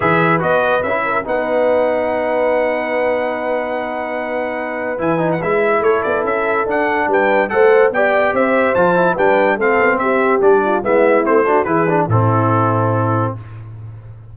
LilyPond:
<<
  \new Staff \with { instrumentName = "trumpet" } { \time 4/4 \tempo 4 = 144 e''4 dis''4 e''4 fis''4~ | fis''1~ | fis''1 | gis''8. fis''16 e''4 cis''8 d''8 e''4 |
fis''4 g''4 fis''4 g''4 | e''4 a''4 g''4 f''4 | e''4 d''4 e''4 c''4 | b'4 a'2. | }
  \new Staff \with { instrumentName = "horn" } { \time 4/4 b'2~ b'8 ais'8 b'4~ | b'1~ | b'1~ | b'2 a'2~ |
a'4 b'4 c''4 d''4 | c''2 b'4 a'4 | g'4. f'8 e'4. fis'8 | gis'4 e'2. | }
  \new Staff \with { instrumentName = "trombone" } { \time 4/4 gis'4 fis'4 e'4 dis'4~ | dis'1~ | dis'1 | e'8 dis'8 e'2. |
d'2 a'4 g'4~ | g'4 f'8 e'8 d'4 c'4~ | c'4 d'4 b4 c'8 d'8 | e'8 d'8 c'2. | }
  \new Staff \with { instrumentName = "tuba" } { \time 4/4 e4 b4 cis'4 b4~ | b1~ | b1 | e4 gis4 a8 b8 cis'4 |
d'4 g4 a4 b4 | c'4 f4 g4 a8 b8 | c'4 g4 gis4 a4 | e4 a,2. | }
>>